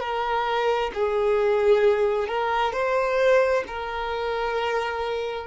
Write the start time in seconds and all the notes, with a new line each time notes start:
0.00 A#4
0.94 G#4
2.28 A#4
2.72 C5
3.67 A#4